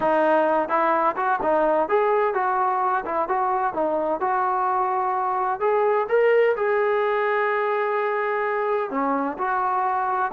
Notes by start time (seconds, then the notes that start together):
0.00 D#4
0.68 E4
1.16 F#4
1.42 D#4
1.88 G#4
2.34 F#4
3.05 E4
3.28 F#4
3.73 D#4
4.20 F#4
5.60 G#4
6.08 A#4
6.56 G#4
8.90 C#4
9.37 F#4